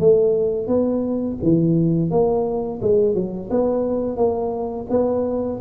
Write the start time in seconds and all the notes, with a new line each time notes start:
0.00 A3
0.68 B3
1.43 E3
2.11 A#3
2.82 G#3
3.15 F#3
3.51 B3
4.17 A#3
4.90 B3